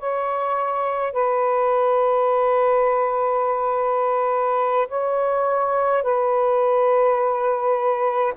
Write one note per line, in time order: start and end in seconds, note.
0.00 1.13 C#5
1.13 4.88 B4
4.89 6.04 C#5
6.04 8.34 B4